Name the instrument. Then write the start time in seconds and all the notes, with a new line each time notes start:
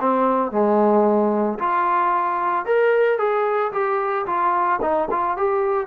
trombone
0.00 C4
0.51 G#3
1.59 F4
2.65 A#4
3.18 G#4
3.72 G4
4.26 F4
4.82 D#4
5.11 F4
5.37 G4